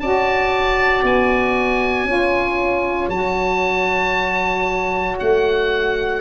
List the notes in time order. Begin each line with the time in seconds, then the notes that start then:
0.00 C#4 F#4 D5 A5
1.03 B3 G#5
2.05 C#4 F4 C#5
3.09 F#3 F#4 A5
5.20 A3 F#5